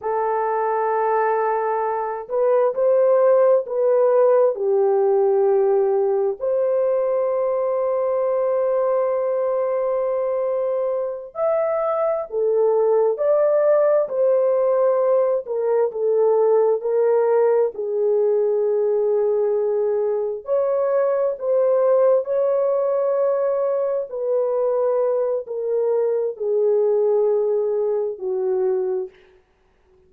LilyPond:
\new Staff \with { instrumentName = "horn" } { \time 4/4 \tempo 4 = 66 a'2~ a'8 b'8 c''4 | b'4 g'2 c''4~ | c''1~ | c''8 e''4 a'4 d''4 c''8~ |
c''4 ais'8 a'4 ais'4 gis'8~ | gis'2~ gis'8 cis''4 c''8~ | c''8 cis''2 b'4. | ais'4 gis'2 fis'4 | }